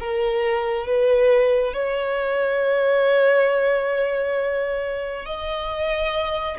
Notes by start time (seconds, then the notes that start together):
0.00 A#4
0.87 B4
1.74 C#5
5.26 D#5